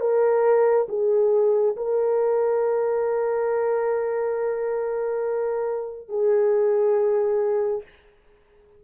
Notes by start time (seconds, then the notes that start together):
0.00 A#4
0.89 G#4
1.76 A#4
6.08 G#4